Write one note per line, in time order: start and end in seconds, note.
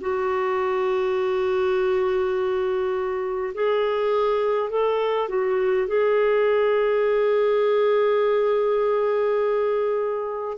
0.00 3.53 F#4
3.54 4.69 G#4
4.69 5.28 A4
5.28 5.87 F#4
5.87 10.57 G#4